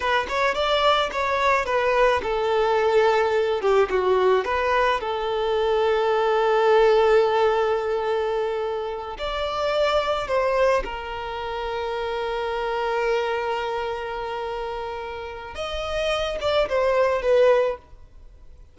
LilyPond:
\new Staff \with { instrumentName = "violin" } { \time 4/4 \tempo 4 = 108 b'8 cis''8 d''4 cis''4 b'4 | a'2~ a'8 g'8 fis'4 | b'4 a'2.~ | a'1~ |
a'8 d''2 c''4 ais'8~ | ais'1~ | ais'1 | dis''4. d''8 c''4 b'4 | }